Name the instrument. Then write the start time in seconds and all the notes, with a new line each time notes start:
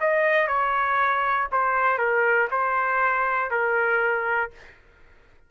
trumpet
0.00 D#5
0.47 C#5
1.52 C5
1.98 A#4
2.51 C5
3.50 A#4